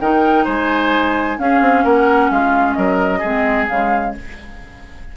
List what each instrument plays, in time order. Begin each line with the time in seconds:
0.00 bassoon D#3, clarinet D#4, oboe A#4, flute G5
0.45 bassoon G#3, oboe C5, flute G#5
1.38 clarinet C#4, bassoon C#4, oboe G#4, flute F5
1.61 bassoon C4
1.84 bassoon A#3, oboe A#4, flute F#5
2.31 bassoon G#3, oboe F4, flute F5
2.73 bassoon F#3, oboe A#4, flute D#5
3.19 bassoon G#3, clarinet C4, oboe G#4
3.68 bassoon C#3, clarinet G#3, flute F5